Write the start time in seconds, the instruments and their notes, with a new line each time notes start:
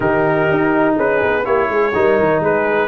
0.00 tuba D#3, trombone D#4, horn G4, trumpet A#4
0.51 tuba D#4
0.96 tuba C#4, horn G#4, trumpet B4
1.22 tuba B3
1.44 tuba A#3, trombone E4, horn G4, trumpet C#5
1.68 tuba G#3, horn G#4
1.94 tuba G3, trombone D#4, horn A#4
2.19 tuba D#3
2.40 tuba G#3, horn G#4, trumpet B4